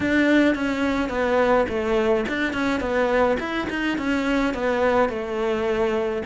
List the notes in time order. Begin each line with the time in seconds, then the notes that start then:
0.00 D4
0.55 C#4
1.09 B3
1.68 A3
2.28 D4
2.53 C#4
2.80 B3
3.39 E4
3.69 D#4
3.98 C#4
4.54 B3
5.09 A3